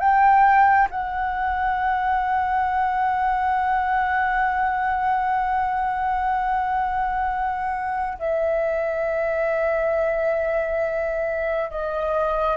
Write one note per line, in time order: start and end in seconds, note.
0.00 0.88 G5
0.91 8.19 F#5
8.19 11.71 E5
11.71 12.57 D#5